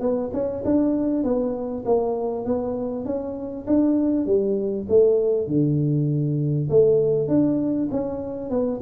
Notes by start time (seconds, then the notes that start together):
0.00 B3
0.33 C#4
0.65 D4
1.23 B3
1.85 A#3
2.45 B3
3.06 C#4
3.67 D4
4.26 G3
4.89 A3
5.47 D3
6.69 A3
7.28 D4
7.91 C#4
8.50 B3